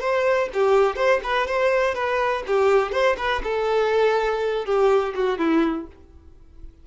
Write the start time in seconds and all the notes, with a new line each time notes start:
0.00 C5
0.53 G4
0.96 C5
1.23 B4
1.47 C5
1.94 B4
2.46 G4
2.91 C5
3.17 B4
3.43 A4
4.65 G4
5.15 F#4
5.38 E4